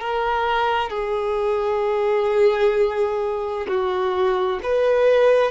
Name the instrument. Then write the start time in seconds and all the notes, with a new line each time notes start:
violin
0.00 A#4
0.90 G#4
3.68 F#4
4.63 B4